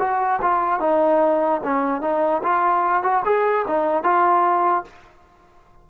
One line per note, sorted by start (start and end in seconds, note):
0.00 0.41 F#4
0.42 0.80 F4
0.80 1.61 D#4
1.64 2.02 C#4
2.02 2.42 D#4
2.43 3.03 F4
3.03 3.24 F#4
3.26 3.66 G#4
3.68 4.04 D#4
4.04 4.85 F4